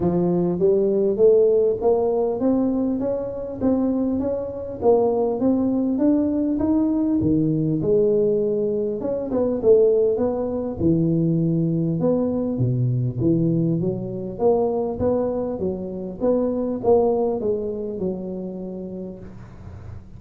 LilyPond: \new Staff \with { instrumentName = "tuba" } { \time 4/4 \tempo 4 = 100 f4 g4 a4 ais4 | c'4 cis'4 c'4 cis'4 | ais4 c'4 d'4 dis'4 | dis4 gis2 cis'8 b8 |
a4 b4 e2 | b4 b,4 e4 fis4 | ais4 b4 fis4 b4 | ais4 gis4 fis2 | }